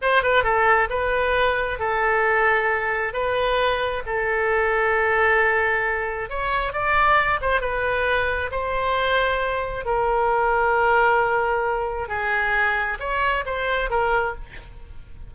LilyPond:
\new Staff \with { instrumentName = "oboe" } { \time 4/4 \tempo 4 = 134 c''8 b'8 a'4 b'2 | a'2. b'4~ | b'4 a'2.~ | a'2 cis''4 d''4~ |
d''8 c''8 b'2 c''4~ | c''2 ais'2~ | ais'2. gis'4~ | gis'4 cis''4 c''4 ais'4 | }